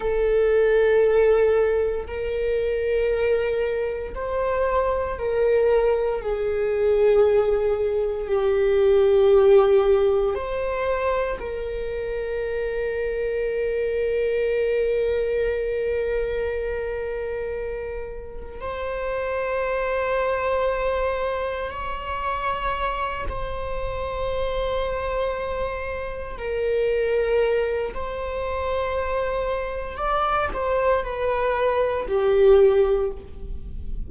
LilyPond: \new Staff \with { instrumentName = "viola" } { \time 4/4 \tempo 4 = 58 a'2 ais'2 | c''4 ais'4 gis'2 | g'2 c''4 ais'4~ | ais'1~ |
ais'2 c''2~ | c''4 cis''4. c''4.~ | c''4. ais'4. c''4~ | c''4 d''8 c''8 b'4 g'4 | }